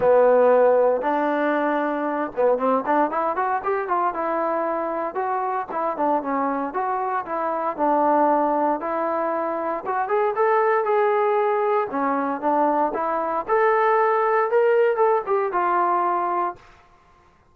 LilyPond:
\new Staff \with { instrumentName = "trombone" } { \time 4/4 \tempo 4 = 116 b2 d'2~ | d'8 b8 c'8 d'8 e'8 fis'8 g'8 f'8 | e'2 fis'4 e'8 d'8 | cis'4 fis'4 e'4 d'4~ |
d'4 e'2 fis'8 gis'8 | a'4 gis'2 cis'4 | d'4 e'4 a'2 | ais'4 a'8 g'8 f'2 | }